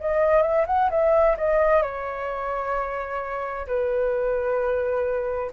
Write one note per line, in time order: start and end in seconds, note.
0.00 0.42 D#5
0.42 0.65 E5
0.67 0.90 F#5
0.90 1.36 E5
1.38 1.83 D#5
1.83 3.67 C#5
3.67 5.52 B4